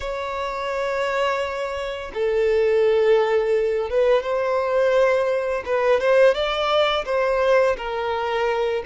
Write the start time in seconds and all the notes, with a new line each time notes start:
0.00 C#5
2.14 A4
3.90 B4
4.22 C5
5.65 B4
6.00 C5
6.34 D5
7.05 C5
7.77 A#4